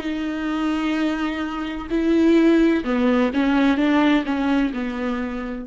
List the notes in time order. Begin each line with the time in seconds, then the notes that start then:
0.00 D#4
1.90 E4
2.84 B3
3.34 C#4
3.77 D4
4.25 C#4
4.73 B3